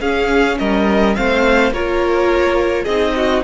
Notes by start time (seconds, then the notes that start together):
0.00 C#4 G#4 F5
0.59 G3 A#4 D#5
1.15 A3 C4 C5 F5
1.72 A#3 F4 A#4 C#5
2.83 C4 G#4 D#5
2.89 D#4
3.15 F#4